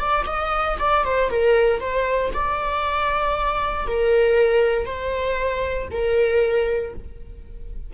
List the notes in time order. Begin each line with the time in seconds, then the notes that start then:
0.00 D5
0.27 D#5
0.79 D5
1.05 C5
1.30 A#4
1.80 C5
2.34 D5
3.87 A#4
4.86 C5
5.91 A#4